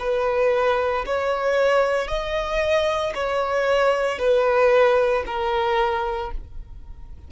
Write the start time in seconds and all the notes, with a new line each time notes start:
0.00 B4
1.06 C#5
2.08 D#5
3.15 C#5
4.19 B4
5.27 A#4